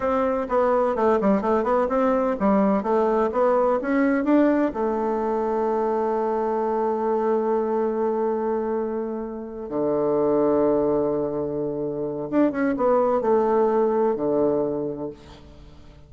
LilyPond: \new Staff \with { instrumentName = "bassoon" } { \time 4/4 \tempo 4 = 127 c'4 b4 a8 g8 a8 b8 | c'4 g4 a4 b4 | cis'4 d'4 a2~ | a1~ |
a1~ | a8 d2.~ d8~ | d2 d'8 cis'8 b4 | a2 d2 | }